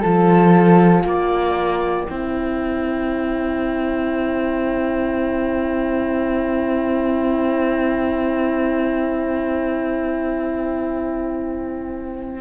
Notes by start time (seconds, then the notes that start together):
0.00 F3 F4 A4 A5
1.03 A#3 D5 G5
2.09 C4 E4 C5